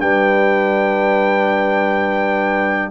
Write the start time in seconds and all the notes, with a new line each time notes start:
0.00 G3 D4 B4 G5